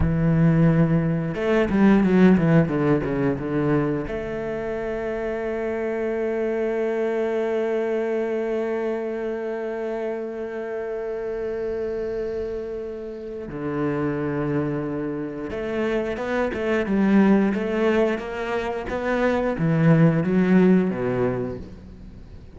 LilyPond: \new Staff \with { instrumentName = "cello" } { \time 4/4 \tempo 4 = 89 e2 a8 g8 fis8 e8 | d8 cis8 d4 a2~ | a1~ | a1~ |
a1 | d2. a4 | b8 a8 g4 a4 ais4 | b4 e4 fis4 b,4 | }